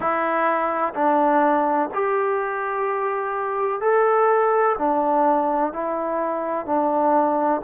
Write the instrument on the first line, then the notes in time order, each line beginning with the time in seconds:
trombone
0.00 E4
0.94 D4
1.94 G4
3.81 A4
4.78 D4
5.72 E4
6.65 D4